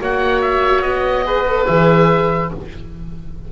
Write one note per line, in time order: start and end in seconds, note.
0.00 0.81 A#3
0.00 1.24 F#4
0.00 1.25 C#5
0.00 0.41 F#5
0.41 0.81 E5
0.81 1.64 B3
0.81 1.65 D#5
1.24 1.45 G#4
1.24 2.50 B4
1.47 1.66 A4
1.66 2.51 E3
1.66 2.49 G#4
1.66 2.49 E5